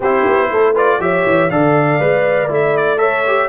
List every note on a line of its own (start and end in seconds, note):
0.00 0.25 C4
0.00 0.75 E4
0.00 0.49 G4
0.00 0.76 C5
0.25 0.50 B3
0.50 0.99 A3
0.50 0.73 A4
0.73 0.99 F4
0.73 0.98 B4
0.73 1.01 D5
0.99 1.24 F3
0.99 1.49 G4
0.99 1.51 C#5
0.99 1.50 E5
1.25 1.50 E3
1.50 1.99 D3
1.50 2.00 A4
1.50 3.00 D5
1.50 2.50 F5
1.99 2.49 G#3
1.99 2.48 B4
2.48 3.48 A3
2.48 2.97 E4
2.48 2.77 E5
2.77 2.98 D5
2.97 3.22 A4
2.97 3.48 C#5
2.97 3.48 E5
3.27 3.48 G4